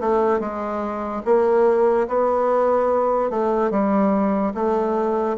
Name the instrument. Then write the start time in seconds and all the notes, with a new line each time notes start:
bassoon
0.00 A3
0.40 G#3
1.25 A#3
2.07 B3
3.30 A3
3.70 G3
4.54 A3